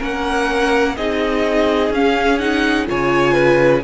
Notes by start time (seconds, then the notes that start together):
0.00 A#3 C#4 A#4 F#5
0.97 C4 D#4 G#4 D#5
1.91 C#4 F5
2.39 D#4 F#5
2.87 C#3 F4 C#5 G#5
3.34 B4